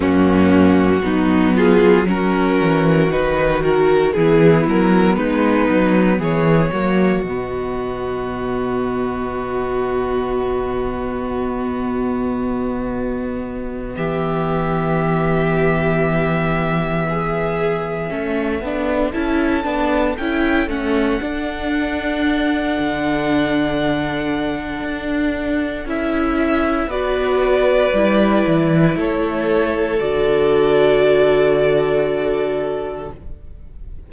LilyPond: <<
  \new Staff \with { instrumentName = "violin" } { \time 4/4 \tempo 4 = 58 fis'4. gis'8 ais'4 b'8 ais'8 | gis'8 ais'8 b'4 cis''4 dis''4~ | dis''1~ | dis''4. e''2~ e''8~ |
e''2~ e''8 a''4 g''8 | fis''1~ | fis''4 e''4 d''2 | cis''4 d''2. | }
  \new Staff \with { instrumentName = "violin" } { \time 4/4 cis'4 dis'8 f'8 fis'2 | e'4 dis'4 gis'8 fis'4.~ | fis'1~ | fis'4. g'2~ g'8~ |
g'8 gis'4 a'2~ a'8~ | a'1~ | a'2 b'2 | a'1 | }
  \new Staff \with { instrumentName = "viola" } { \time 4/4 ais4 b4 cis'4 dis'8 fis'8 | b2~ b8 ais8 b4~ | b1~ | b1~ |
b4. cis'8 d'8 e'8 d'8 e'8 | cis'8 d'2.~ d'8~ | d'4 e'4 fis'4 e'4~ | e'4 fis'2. | }
  \new Staff \with { instrumentName = "cello" } { \time 4/4 fis,4 fis4. e8 dis4 | e8 fis8 gis8 fis8 e8 fis8 b,4~ | b,1~ | b,4. e2~ e8~ |
e4. a8 b8 cis'8 b8 cis'8 | a8 d'4. d2 | d'4 cis'4 b4 g8 e8 | a4 d2. | }
>>